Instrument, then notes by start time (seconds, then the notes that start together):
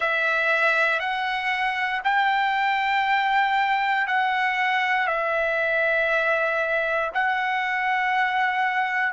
trumpet
0.00 E5
0.99 F#5
2.03 G5
4.07 F#5
5.07 E5
7.14 F#5